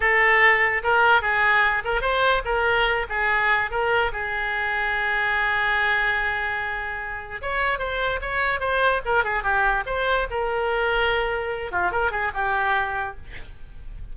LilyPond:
\new Staff \with { instrumentName = "oboe" } { \time 4/4 \tempo 4 = 146 a'2 ais'4 gis'4~ | gis'8 ais'8 c''4 ais'4. gis'8~ | gis'4 ais'4 gis'2~ | gis'1~ |
gis'2 cis''4 c''4 | cis''4 c''4 ais'8 gis'8 g'4 | c''4 ais'2.~ | ais'8 f'8 ais'8 gis'8 g'2 | }